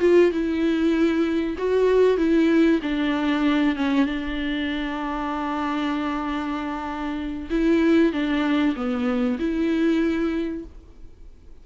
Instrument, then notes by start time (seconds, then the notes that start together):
viola
0.00 F4
0.31 E4
1.58 F#4
2.18 E4
2.82 D4
3.76 C#4
4.06 D4
7.50 E4
8.12 D4
8.76 B3
9.39 E4